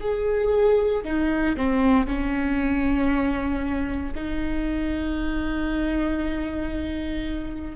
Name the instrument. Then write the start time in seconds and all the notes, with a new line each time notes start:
viola
0.00 G#4
1.03 D#4
1.56 C4
2.06 C#4
4.14 D#4